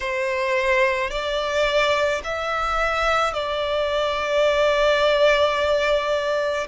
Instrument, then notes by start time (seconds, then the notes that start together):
violin
0.00 C5
1.10 D5
2.24 E5
3.33 D5